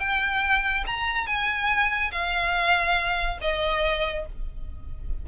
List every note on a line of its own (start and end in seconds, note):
0.00 0.85 G5
0.87 1.27 A#5
1.27 2.11 G#5
2.12 3.39 F5
3.42 4.26 D#5